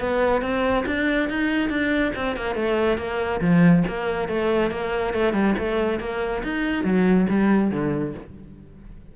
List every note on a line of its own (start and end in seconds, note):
0.00 0.41 B3
0.41 0.84 C4
0.86 1.29 D4
1.29 1.69 D#4
1.69 2.12 D4
2.15 2.36 C4
2.36 2.55 A#3
2.55 2.97 A3
2.97 3.40 A#3
3.41 3.84 F3
3.87 4.28 A#3
4.28 4.71 A3
4.71 5.14 A#3
5.14 5.33 A3
5.33 5.54 G3
5.59 6.00 A3
6.00 6.42 A#3
6.43 6.84 D#4
6.84 7.27 F#3
7.30 7.71 G3
7.71 8.14 D3